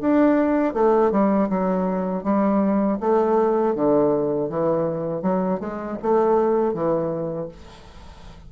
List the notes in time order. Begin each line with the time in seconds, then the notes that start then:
0.00 D4
0.73 A3
1.11 G3
1.49 F#3
2.23 G3
3.00 A3
3.75 D3
4.49 E3
5.22 F#3
5.59 G#3
6.02 A3
6.73 E3